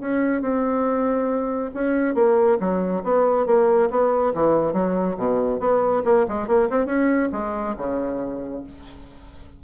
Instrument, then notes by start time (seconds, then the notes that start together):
bassoon
0.00 C#4
0.41 C4
1.74 C#4
2.15 A#3
2.60 F#3
3.03 B3
3.46 A#3
3.90 B3
4.34 E3
4.73 F#3
5.17 B2
5.59 B3
6.05 A#3
6.28 G#3
6.47 A#3
6.70 C4
6.86 C#4
7.32 G#3
7.77 C#3